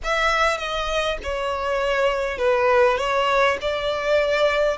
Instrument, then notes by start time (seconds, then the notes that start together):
violin
0.03 E5
0.57 D#5
1.23 C#5
2.38 B4
2.97 C#5
3.61 D5